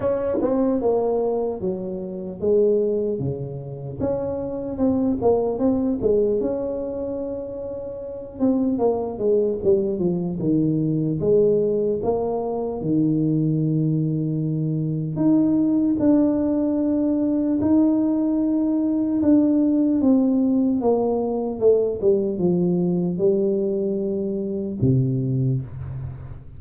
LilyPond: \new Staff \with { instrumentName = "tuba" } { \time 4/4 \tempo 4 = 75 cis'8 c'8 ais4 fis4 gis4 | cis4 cis'4 c'8 ais8 c'8 gis8 | cis'2~ cis'8 c'8 ais8 gis8 | g8 f8 dis4 gis4 ais4 |
dis2. dis'4 | d'2 dis'2 | d'4 c'4 ais4 a8 g8 | f4 g2 c4 | }